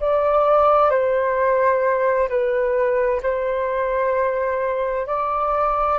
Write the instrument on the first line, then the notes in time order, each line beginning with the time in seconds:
flute
0.00 D5
0.90 C5
2.29 B4
3.23 C5
5.07 D5